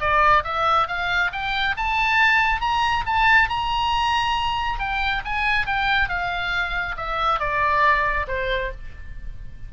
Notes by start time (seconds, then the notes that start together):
0.00 D5
0.44 E5
0.88 F5
1.32 G5
1.77 A5
2.61 A#5
3.06 A5
3.49 A#5
4.79 G5
5.25 G#5
5.66 G5
6.09 F5
6.97 E5
7.40 D5
8.28 C5